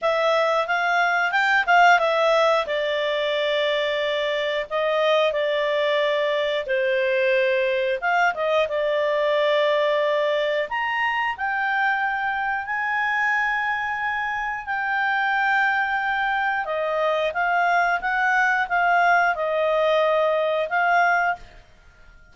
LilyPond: \new Staff \with { instrumentName = "clarinet" } { \time 4/4 \tempo 4 = 90 e''4 f''4 g''8 f''8 e''4 | d''2. dis''4 | d''2 c''2 | f''8 dis''8 d''2. |
ais''4 g''2 gis''4~ | gis''2 g''2~ | g''4 dis''4 f''4 fis''4 | f''4 dis''2 f''4 | }